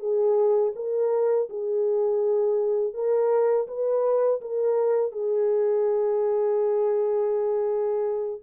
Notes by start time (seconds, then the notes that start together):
0.00 G#4
0.76 A#4
1.50 G#4
2.94 A#4
3.68 B4
4.41 A#4
5.12 G#4